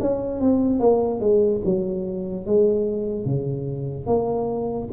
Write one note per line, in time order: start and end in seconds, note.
0.00 0.40 C#4
0.40 0.80 C4
0.80 1.20 A#3
1.20 1.61 G#3
1.65 2.46 F#3
2.46 3.25 G#3
3.25 4.06 C#3
4.06 4.89 A#3